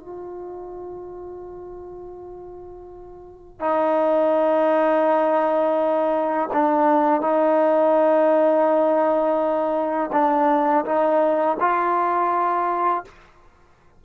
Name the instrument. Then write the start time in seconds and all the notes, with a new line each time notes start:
trombone
0.00 F4
3.60 D#4
6.53 D4
7.22 D#4
10.13 D4
10.85 D#4
11.60 F4